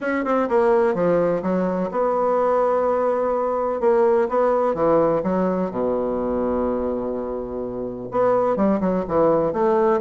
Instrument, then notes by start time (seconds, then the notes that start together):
bassoon
0.01 C#4
0.24 C4
0.48 A#3
0.94 F3
1.42 F#3
1.91 B3
3.80 A#3
4.28 B3
4.74 E3
5.23 F#3
5.70 B2
8.11 B3
8.56 G3
8.80 F#3
9.08 E3
9.52 A3